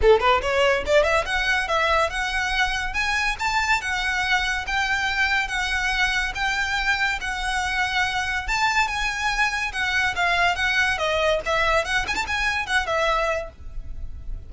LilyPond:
\new Staff \with { instrumentName = "violin" } { \time 4/4 \tempo 4 = 142 a'8 b'8 cis''4 d''8 e''8 fis''4 | e''4 fis''2 gis''4 | a''4 fis''2 g''4~ | g''4 fis''2 g''4~ |
g''4 fis''2. | a''4 gis''2 fis''4 | f''4 fis''4 dis''4 e''4 | fis''8 gis''16 a''16 gis''4 fis''8 e''4. | }